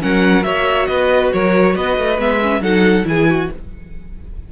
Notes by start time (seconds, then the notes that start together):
0.00 F#3 C#4 A#4 F#5
0.42 A#3 F#4 C#5 E5
0.86 B3 B4 D#5
1.33 F#3 A#4 C#5
1.75 B3 B4 D#5
1.98 A3
2.19 G#3 B3 E5
2.42 C#4
2.60 F#3 D#4 A4 F#5
3.04 E3 E4 G#4 G#5
3.30 F#4